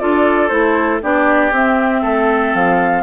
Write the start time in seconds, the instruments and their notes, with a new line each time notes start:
0.00 bassoon D4, clarinet F4, oboe A4, flute D5
0.49 bassoon A3, clarinet E4, flute C5
1.02 bassoon B3, clarinet D4, oboe G4, flute D5
1.52 bassoon C4, clarinet C4, flute E5
2.02 bassoon A3, oboe A4
2.54 bassoon F3, flute F5